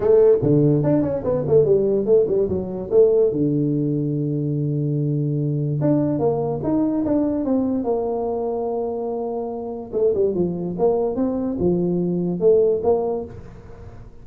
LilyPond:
\new Staff \with { instrumentName = "tuba" } { \time 4/4 \tempo 4 = 145 a4 d4 d'8 cis'8 b8 a8 | g4 a8 g8 fis4 a4 | d1~ | d2 d'4 ais4 |
dis'4 d'4 c'4 ais4~ | ais1 | a8 g8 f4 ais4 c'4 | f2 a4 ais4 | }